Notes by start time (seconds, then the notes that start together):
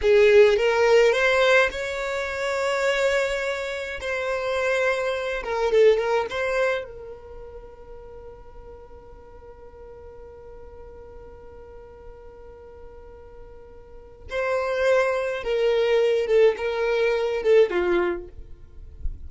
0.01 G#4
0.56 A#4
1.12 C5
1.71 C#5
4.00 C5
5.43 A#4
5.71 A4
5.97 A#4
6.30 C5
6.84 A#4
14.30 C5
15.43 A#4
16.26 A4
16.57 A#4
17.43 A4
17.70 F4